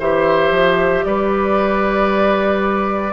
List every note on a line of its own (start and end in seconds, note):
0.00 0.51 E3
0.00 3.13 G4
0.00 1.05 C5
0.00 1.05 E5
0.51 1.04 F3
1.05 3.13 G3
1.05 3.13 B4
1.05 3.13 D5